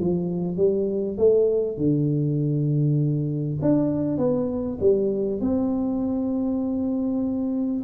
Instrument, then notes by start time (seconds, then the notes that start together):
tuba
0.00 F3
0.57 G3
1.18 A3
1.78 D3
3.62 D4
4.18 B3
4.81 G3
5.41 C4